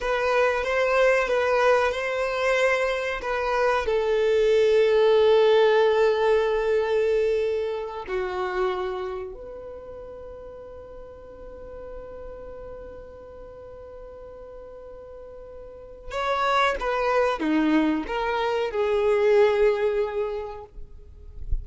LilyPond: \new Staff \with { instrumentName = "violin" } { \time 4/4 \tempo 4 = 93 b'4 c''4 b'4 c''4~ | c''4 b'4 a'2~ | a'1~ | a'8 fis'2 b'4.~ |
b'1~ | b'1~ | b'4 cis''4 b'4 dis'4 | ais'4 gis'2. | }